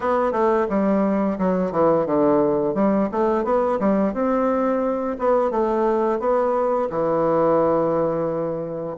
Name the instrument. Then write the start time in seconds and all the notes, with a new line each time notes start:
bassoon
0.00 B3
0.32 A3
0.69 G3
1.38 F#3
1.71 E3
2.06 D3
2.74 G3
3.11 A3
3.44 B3
3.79 G3
4.13 C4
5.18 B3
5.50 A3
6.19 B3
6.90 E3